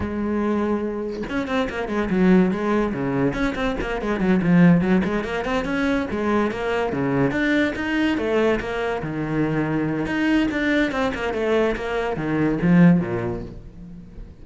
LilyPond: \new Staff \with { instrumentName = "cello" } { \time 4/4 \tempo 4 = 143 gis2. cis'8 c'8 | ais8 gis8 fis4 gis4 cis4 | cis'8 c'8 ais8 gis8 fis8 f4 fis8 | gis8 ais8 c'8 cis'4 gis4 ais8~ |
ais8 cis4 d'4 dis'4 a8~ | a8 ais4 dis2~ dis8 | dis'4 d'4 c'8 ais8 a4 | ais4 dis4 f4 ais,4 | }